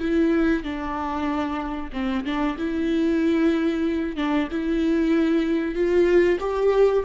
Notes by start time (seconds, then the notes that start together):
0.00 E4
0.64 D4
1.93 C4
2.25 D4
2.58 E4
4.16 D4
4.51 E4
5.75 F4
6.40 G4